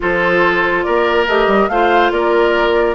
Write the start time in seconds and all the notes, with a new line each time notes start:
0.00 F3 F4 A4 C5
0.82 A#3 A#4 D5
1.27 A3 G4 D#5
1.46 G3
1.68 A3 F4 C5 F5
2.11 A#3 A#4 D5